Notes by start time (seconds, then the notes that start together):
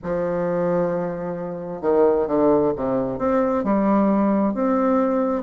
0.03 F3
1.81 D#3
2.27 D3
2.76 C3
3.18 C4
3.64 G3
4.53 C4